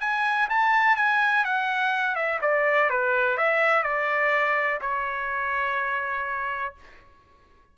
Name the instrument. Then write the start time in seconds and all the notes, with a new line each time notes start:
trumpet
0.00 G#5
0.49 A5
0.96 G#5
1.45 F#5
2.15 E5
2.41 D5
2.89 B4
3.37 E5
3.83 D5
4.81 C#5